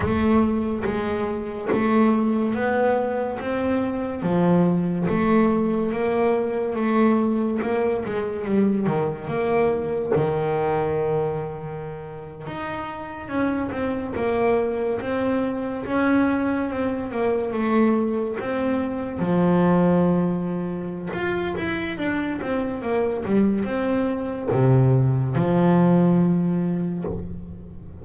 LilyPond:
\new Staff \with { instrumentName = "double bass" } { \time 4/4 \tempo 4 = 71 a4 gis4 a4 b4 | c'4 f4 a4 ais4 | a4 ais8 gis8 g8 dis8 ais4 | dis2~ dis8. dis'4 cis'16~ |
cis'16 c'8 ais4 c'4 cis'4 c'16~ | c'16 ais8 a4 c'4 f4~ f16~ | f4 f'8 e'8 d'8 c'8 ais8 g8 | c'4 c4 f2 | }